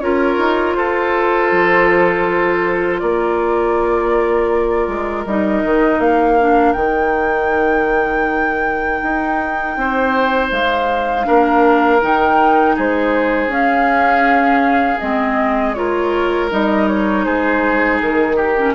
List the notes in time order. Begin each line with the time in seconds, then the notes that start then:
0.00 C#4 F4 A#4 C#5
0.38 D#4
0.75 F4 A4 C5
1.52 F3
2.99 A#3 A#4 D5
4.88 G#3
5.26 G3 D#4 D#5
5.64 D#3
5.99 A#3 F5
6.40 D4
6.73 D#3 D#4 G5
9.03 D#4
9.76 C4 C5
10.51 G#3 F5
11.24 A#3 D4 A#4
12.02 D#3 D#4 G5
12.76 G#3 G#4 C5
13.47 C#4 F5
14.99 G#3 C4 D#5
15.74 F4 A#4 C#5
16.50 G3 D#4 D#5
16.88 C#5
17.24 G#3 G#4 C5
18.01 D#3 A#4
18.36 G4
18.57 C#4